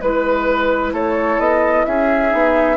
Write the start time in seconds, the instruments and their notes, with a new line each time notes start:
0.00 bassoon G#3, clarinet E4, flute B4, oboe B4
0.92 bassoon A3, oboe A4, flute C#5
1.38 bassoon B3, flute D#5
1.85 bassoon C#4, oboe G#4, flute E5
2.29 bassoon B3, clarinet D#4